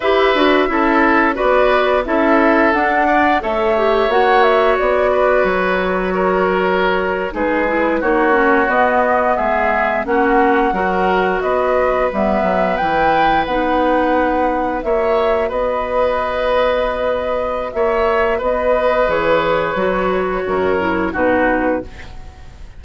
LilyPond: <<
  \new Staff \with { instrumentName = "flute" } { \time 4/4 \tempo 4 = 88 e''2 d''4 e''4 | fis''4 e''4 fis''8 e''8 d''4 | cis''2~ cis''8. b'4 cis''16~ | cis''8. dis''4 e''4 fis''4~ fis''16~ |
fis''8. dis''4 e''4 g''4 fis''16~ | fis''4.~ fis''16 e''4 dis''4~ dis''16~ | dis''2 e''4 dis''4 | cis''2. b'4 | }
  \new Staff \with { instrumentName = "oboe" } { \time 4/4 b'4 a'4 b'4 a'4~ | a'8 d''8 cis''2~ cis''8 b'8~ | b'4 ais'4.~ ais'16 gis'4 fis'16~ | fis'4.~ fis'16 gis'4 fis'4 ais'16~ |
ais'8. b'2.~ b'16~ | b'4.~ b'16 cis''4 b'4~ b'16~ | b'2 cis''4 b'4~ | b'2 ais'4 fis'4 | }
  \new Staff \with { instrumentName = "clarinet" } { \time 4/4 g'8 fis'8 e'4 fis'4 e'4 | d'4 a'8 g'8 fis'2~ | fis'2~ fis'8. dis'8 e'8 dis'16~ | dis'16 cis'8 b2 cis'4 fis'16~ |
fis'4.~ fis'16 b4 e'4 dis'16~ | dis'4.~ dis'16 fis'2~ fis'16~ | fis'1 | gis'4 fis'4. e'8 dis'4 | }
  \new Staff \with { instrumentName = "bassoon" } { \time 4/4 e'8 d'8 cis'4 b4 cis'4 | d'4 a4 ais4 b4 | fis2~ fis8. gis4 ais16~ | ais8. b4 gis4 ais4 fis16~ |
fis8. b4 g8 fis8 e4 b16~ | b4.~ b16 ais4 b4~ b16~ | b2 ais4 b4 | e4 fis4 fis,4 b,4 | }
>>